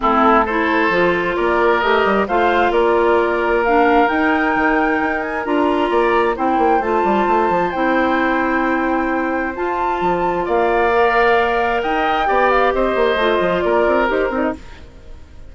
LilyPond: <<
  \new Staff \with { instrumentName = "flute" } { \time 4/4 \tempo 4 = 132 a'4 c''2 d''4 | dis''4 f''4 d''2 | f''4 g''2~ g''8 gis''8 | ais''2 g''4 a''4~ |
a''4 g''2.~ | g''4 a''2 f''4~ | f''2 g''4. f''8 | dis''2 d''4 c''8 d''16 dis''16 | }
  \new Staff \with { instrumentName = "oboe" } { \time 4/4 e'4 a'2 ais'4~ | ais'4 c''4 ais'2~ | ais'1~ | ais'4 d''4 c''2~ |
c''1~ | c''2. d''4~ | d''2 dis''4 d''4 | c''2 ais'2 | }
  \new Staff \with { instrumentName = "clarinet" } { \time 4/4 c'4 e'4 f'2 | g'4 f'2. | d'4 dis'2. | f'2 e'4 f'4~ |
f'4 e'2.~ | e'4 f'2. | ais'2. g'4~ | g'4 f'2 g'8 dis'8 | }
  \new Staff \with { instrumentName = "bassoon" } { \time 4/4 a2 f4 ais4 | a8 g8 a4 ais2~ | ais4 dis'4 dis4 dis'4 | d'4 ais4 c'8 ais8 a8 g8 |
a8 f8 c'2.~ | c'4 f'4 f4 ais4~ | ais2 dis'4 b4 | c'8 ais8 a8 f8 ais8 c'8 dis'8 c'8 | }
>>